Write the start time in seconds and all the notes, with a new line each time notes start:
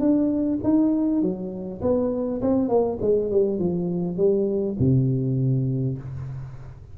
0.00 D4
0.63 D#4
1.22 F#3
1.82 B3
2.42 C4
2.69 A#3
3.02 G#3
3.31 G3
3.59 F3
4.17 G3
4.79 C3